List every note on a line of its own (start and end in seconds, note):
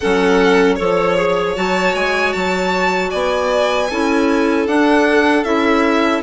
0.00 0.80 F#3
0.00 0.78 C#4
0.00 0.75 A4
0.00 0.75 F#5
0.75 1.56 F3
0.75 1.16 A4
0.75 1.53 C#5
0.75 3.09 C#5
1.16 1.55 G#4
1.55 1.94 F#3
1.55 3.88 F#4
1.55 1.95 A5
1.94 2.33 G#3
1.94 2.32 G#5
2.32 3.12 F#3
2.32 3.10 A5
3.09 3.90 B3
3.09 3.87 D5
3.09 4.66 G#5
3.89 4.66 C#4
3.89 4.68 E4
3.89 6.22 A4
4.66 5.44 D4
4.66 5.43 F#5
5.43 6.22 C#4
5.43 6.22 E4
5.43 6.21 E5